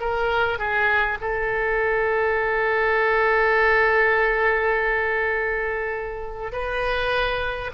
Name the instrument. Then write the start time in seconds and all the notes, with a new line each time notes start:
oboe
0.00 A#4
0.59 G#4
1.21 A4
6.52 B4